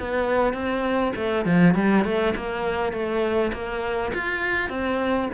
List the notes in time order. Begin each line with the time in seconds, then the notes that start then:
0.00 B3
0.54 C4
1.16 A3
1.46 F3
1.75 G3
2.05 A3
2.36 A#3
2.93 A3
3.53 A#3
4.14 F4
4.70 C4